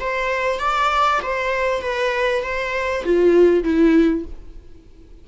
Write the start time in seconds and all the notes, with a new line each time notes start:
0.00 C5
0.59 D5
1.22 C5
1.82 B4
2.43 C5
3.04 F4
3.63 E4